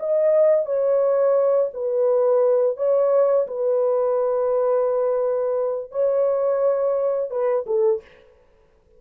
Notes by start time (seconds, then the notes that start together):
0.00 D#5
0.66 C#5
1.74 B4
2.77 C#5
3.48 B4
5.92 C#5
7.31 B4
7.67 A4